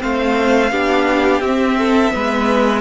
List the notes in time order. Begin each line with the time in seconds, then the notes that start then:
0.00 A3 C4 C5 F5
0.71 B3 D4 G4
1.41 C4 E5
1.79 A4
2.12 G#3 B3 B4